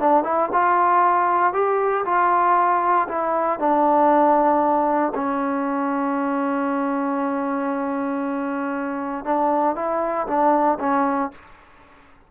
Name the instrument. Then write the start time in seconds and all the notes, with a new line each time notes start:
trombone
0.00 D4
0.23 E4
0.52 F4
1.53 G4
2.05 F4
3.09 E4
3.59 D4
5.15 C#4
9.25 D4
9.76 E4
10.27 D4
10.80 C#4